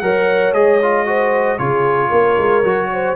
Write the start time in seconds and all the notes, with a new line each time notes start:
0.00 F#3 A#4 C#5 F#5
0.53 G#3 G#4 D#5
0.82 F4
1.06 F#4 C5
1.58 C#3 F4 G#4 C#5
2.09 A#3 A#4
2.38 G#3
2.64 F#3 F#4
2.93 C5